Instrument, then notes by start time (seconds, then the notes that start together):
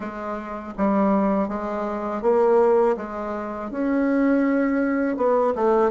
bassoon
0.00 G#3
0.77 G3
1.48 G#3
2.22 A#3
2.96 G#3
3.70 C#4
5.16 B3
5.55 A3